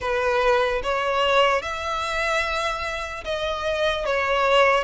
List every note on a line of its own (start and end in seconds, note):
0.00 0.81 B4
0.83 1.61 C#5
1.61 3.24 E5
3.24 4.05 D#5
4.05 4.84 C#5